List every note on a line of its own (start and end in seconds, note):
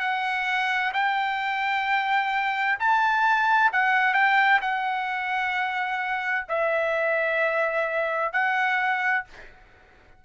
0.00 0.92 F#5
0.94 2.78 G5
2.79 3.72 A5
3.73 4.14 F#5
4.14 4.60 G5
4.62 6.46 F#5
6.49 8.33 E5
8.33 9.25 F#5